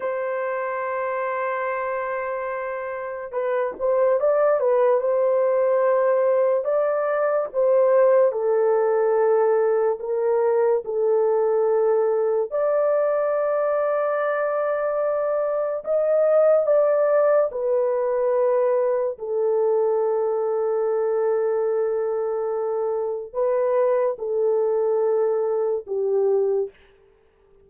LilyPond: \new Staff \with { instrumentName = "horn" } { \time 4/4 \tempo 4 = 72 c''1 | b'8 c''8 d''8 b'8 c''2 | d''4 c''4 a'2 | ais'4 a'2 d''4~ |
d''2. dis''4 | d''4 b'2 a'4~ | a'1 | b'4 a'2 g'4 | }